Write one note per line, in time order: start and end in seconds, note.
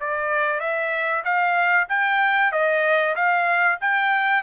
0.00 0.60 D5
0.60 1.23 E5
1.25 1.88 F5
1.89 2.52 G5
2.52 3.15 D#5
3.16 3.79 F5
3.81 4.43 G5